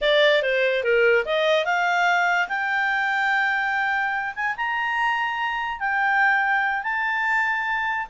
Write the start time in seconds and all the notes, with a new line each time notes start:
0.01 D5
0.42 C5
0.83 A#4
1.25 D#5
1.65 F5
2.48 G5
4.35 G#5
4.56 A#5
5.79 G5
6.83 A5